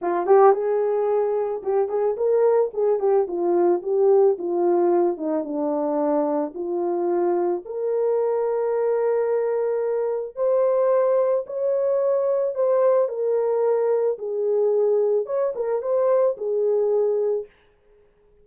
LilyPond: \new Staff \with { instrumentName = "horn" } { \time 4/4 \tempo 4 = 110 f'8 g'8 gis'2 g'8 gis'8 | ais'4 gis'8 g'8 f'4 g'4 | f'4. dis'8 d'2 | f'2 ais'2~ |
ais'2. c''4~ | c''4 cis''2 c''4 | ais'2 gis'2 | cis''8 ais'8 c''4 gis'2 | }